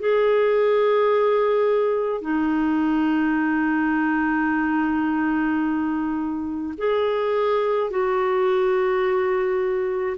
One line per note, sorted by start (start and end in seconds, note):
0.00 2.21 G#4
2.21 6.74 D#4
6.78 7.90 G#4
7.90 10.17 F#4